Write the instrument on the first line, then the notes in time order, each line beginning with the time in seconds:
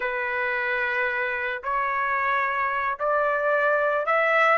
trumpet
0.00 B4
1.63 C#5
2.99 D5
4.06 E5